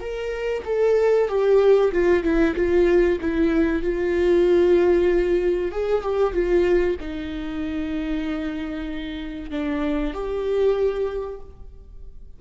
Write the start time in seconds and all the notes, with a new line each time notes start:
0.00 A#4
0.65 A4
1.28 G4
1.91 F4
2.23 E4
2.55 F4
3.20 E4
3.82 F4
5.71 G#4
6.01 G4
6.33 F4
7.00 D#4
9.50 D4
10.13 G4